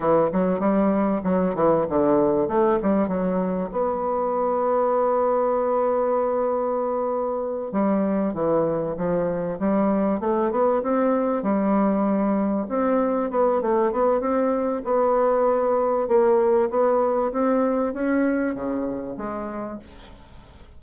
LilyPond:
\new Staff \with { instrumentName = "bassoon" } { \time 4/4 \tempo 4 = 97 e8 fis8 g4 fis8 e8 d4 | a8 g8 fis4 b2~ | b1~ | b8 g4 e4 f4 g8~ |
g8 a8 b8 c'4 g4.~ | g8 c'4 b8 a8 b8 c'4 | b2 ais4 b4 | c'4 cis'4 cis4 gis4 | }